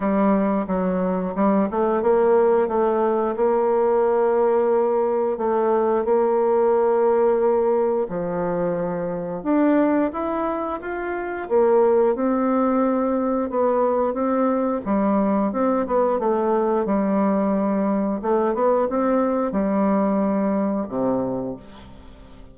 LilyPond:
\new Staff \with { instrumentName = "bassoon" } { \time 4/4 \tempo 4 = 89 g4 fis4 g8 a8 ais4 | a4 ais2. | a4 ais2. | f2 d'4 e'4 |
f'4 ais4 c'2 | b4 c'4 g4 c'8 b8 | a4 g2 a8 b8 | c'4 g2 c4 | }